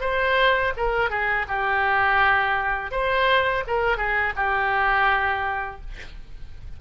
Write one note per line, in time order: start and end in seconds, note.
0.00 0.72 C5
0.77 1.09 A#4
1.09 1.46 G#4
1.48 2.91 G4
2.91 3.63 C5
3.67 3.97 A#4
3.97 4.33 G#4
4.36 5.80 G4